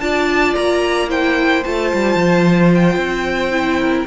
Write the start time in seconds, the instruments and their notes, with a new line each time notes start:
0.00 cello D4, viola F4, violin D5 A5
0.55 cello A#3, violin A#5
1.09 viola E4, violin C5 G5
1.63 cello A3, viola F4, violin A5
1.93 cello G3
2.15 cello F3
2.75 violin G5
2.97 cello C4
3.51 viola E4
3.79 violin A#4